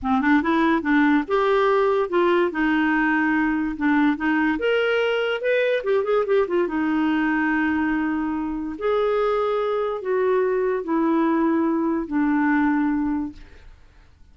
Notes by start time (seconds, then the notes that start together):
0.02 C4
0.21 D4
0.42 E4
0.82 D4
1.27 G4
2.09 F4
2.51 D#4
3.76 D4
4.16 D#4
4.59 A#4
5.41 B4
5.83 G4
6.03 G#4
6.26 G4
6.47 F4
6.67 D#4
8.78 G#4
10.01 F#4
10.84 E4
12.07 D4